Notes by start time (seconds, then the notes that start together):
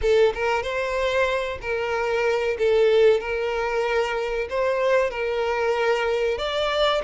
0.01 A4
0.34 A#4
0.62 C5
1.61 A#4
2.58 A4
3.20 A#4
4.49 C5
5.10 A#4
6.38 D5